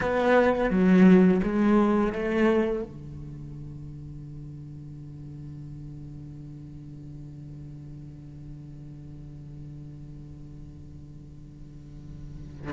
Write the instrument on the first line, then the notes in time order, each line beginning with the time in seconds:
cello
0.00 B3
0.70 F#3
1.43 G#3
2.12 A3
2.83 D3